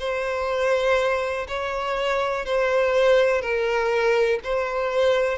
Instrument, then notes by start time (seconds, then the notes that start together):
violin
0.00 C5
1.48 C#5
2.46 C5
3.42 A#4
4.44 C5